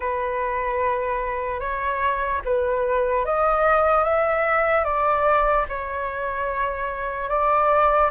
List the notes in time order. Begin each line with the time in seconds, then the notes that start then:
0.00 B4
1.60 C#5
2.44 B4
3.25 D#5
4.04 E5
4.84 D5
5.68 C#5
7.29 D5